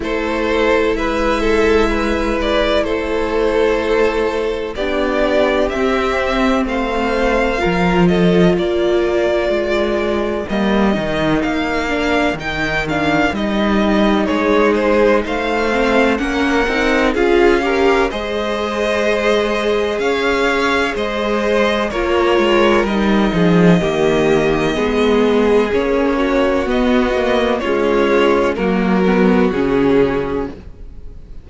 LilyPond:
<<
  \new Staff \with { instrumentName = "violin" } { \time 4/4 \tempo 4 = 63 c''4 e''4. d''8 c''4~ | c''4 d''4 e''4 f''4~ | f''8 dis''8 d''2 dis''4 | f''4 g''8 f''8 dis''4 cis''8 c''8 |
f''4 fis''4 f''4 dis''4~ | dis''4 f''4 dis''4 cis''4 | dis''2. cis''4 | dis''4 cis''4 ais'4 gis'4 | }
  \new Staff \with { instrumentName = "violin" } { \time 4/4 a'4 b'8 a'8 b'4 a'4~ | a'4 g'2 c''4 | ais'8 a'8 ais'2.~ | ais'2. gis'4 |
c''4 ais'4 gis'8 ais'8 c''4~ | c''4 cis''4 c''4 ais'4~ | ais'8 gis'8 g'4 gis'4. fis'8~ | fis'4 f'4 fis'2 | }
  \new Staff \with { instrumentName = "viola" } { \time 4/4 e'1~ | e'4 d'4 c'2 | f'2. ais8 dis'8~ | dis'8 d'8 dis'8 d'8 dis'2~ |
dis'8 c'8 cis'8 dis'8 f'8 g'8 gis'4~ | gis'2. f'4 | dis'4 ais4 b4 cis'4 | b8 ais8 gis4 ais8 b8 cis'4 | }
  \new Staff \with { instrumentName = "cello" } { \time 4/4 a4 gis2 a4~ | a4 b4 c'4 a4 | f4 ais4 gis4 g8 dis8 | ais4 dis4 g4 gis4 |
a4 ais8 c'8 cis'4 gis4~ | gis4 cis'4 gis4 ais8 gis8 | g8 f8 dis4 gis4 ais4 | b4 cis'4 fis4 cis4 | }
>>